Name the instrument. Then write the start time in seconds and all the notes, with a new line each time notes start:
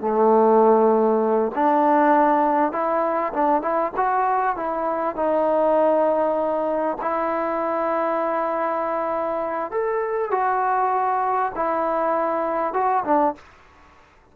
trombone
0.00 A3
1.55 D4
2.72 E4
3.33 D4
3.61 E4
3.96 F#4
4.56 E4
5.15 D#4
7.01 E4
9.71 A4
10.31 F#4
11.55 E4
12.73 F#4
13.04 D4